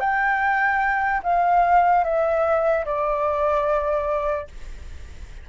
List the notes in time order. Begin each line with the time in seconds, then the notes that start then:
0.00 G5
1.23 F5
2.04 E5
2.85 D5